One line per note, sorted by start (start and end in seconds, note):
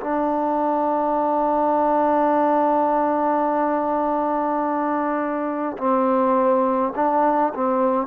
0.00 5.77 D4
5.77 6.93 C4
6.95 7.53 D4
7.54 8.07 C4